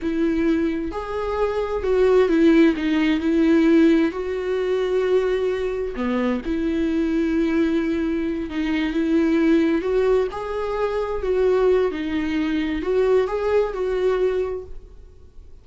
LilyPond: \new Staff \with { instrumentName = "viola" } { \time 4/4 \tempo 4 = 131 e'2 gis'2 | fis'4 e'4 dis'4 e'4~ | e'4 fis'2.~ | fis'4 b4 e'2~ |
e'2~ e'8 dis'4 e'8~ | e'4. fis'4 gis'4.~ | gis'8 fis'4. dis'2 | fis'4 gis'4 fis'2 | }